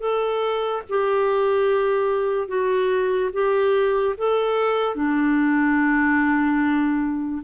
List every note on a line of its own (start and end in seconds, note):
0.00 0.82 A4
0.89 2.48 G4
2.48 3.30 F#4
3.33 4.15 G4
4.17 4.95 A4
4.95 7.42 D4